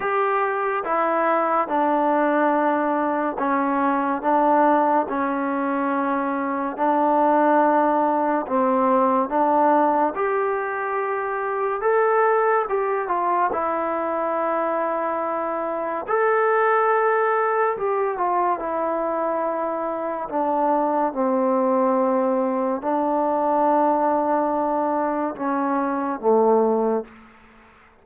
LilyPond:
\new Staff \with { instrumentName = "trombone" } { \time 4/4 \tempo 4 = 71 g'4 e'4 d'2 | cis'4 d'4 cis'2 | d'2 c'4 d'4 | g'2 a'4 g'8 f'8 |
e'2. a'4~ | a'4 g'8 f'8 e'2 | d'4 c'2 d'4~ | d'2 cis'4 a4 | }